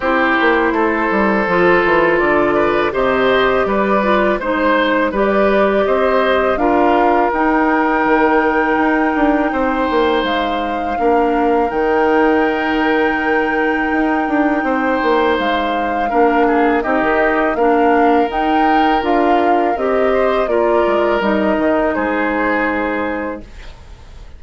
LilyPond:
<<
  \new Staff \with { instrumentName = "flute" } { \time 4/4 \tempo 4 = 82 c''2. d''4 | dis''4 d''4 c''4 d''4 | dis''4 f''4 g''2~ | g''2 f''2 |
g''1~ | g''4 f''2 dis''4 | f''4 g''4 f''4 dis''4 | d''4 dis''4 c''2 | }
  \new Staff \with { instrumentName = "oboe" } { \time 4/4 g'4 a'2~ a'8 b'8 | c''4 b'4 c''4 b'4 | c''4 ais'2.~ | ais'4 c''2 ais'4~ |
ais'1 | c''2 ais'8 gis'8 g'4 | ais'2.~ ais'8 c''8 | ais'2 gis'2 | }
  \new Staff \with { instrumentName = "clarinet" } { \time 4/4 e'2 f'2 | g'4. f'8 dis'4 g'4~ | g'4 f'4 dis'2~ | dis'2. d'4 |
dis'1~ | dis'2 d'4 dis'4 | d'4 dis'4 f'4 g'4 | f'4 dis'2. | }
  \new Staff \with { instrumentName = "bassoon" } { \time 4/4 c'8 ais8 a8 g8 f8 e8 d4 | c4 g4 gis4 g4 | c'4 d'4 dis'4 dis4 | dis'8 d'8 c'8 ais8 gis4 ais4 |
dis2. dis'8 d'8 | c'8 ais8 gis4 ais4 c'16 dis8. | ais4 dis'4 d'4 c'4 | ais8 gis8 g8 dis8 gis2 | }
>>